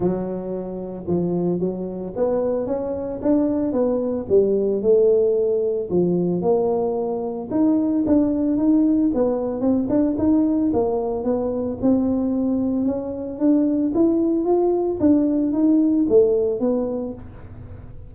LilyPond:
\new Staff \with { instrumentName = "tuba" } { \time 4/4 \tempo 4 = 112 fis2 f4 fis4 | b4 cis'4 d'4 b4 | g4 a2 f4 | ais2 dis'4 d'4 |
dis'4 b4 c'8 d'8 dis'4 | ais4 b4 c'2 | cis'4 d'4 e'4 f'4 | d'4 dis'4 a4 b4 | }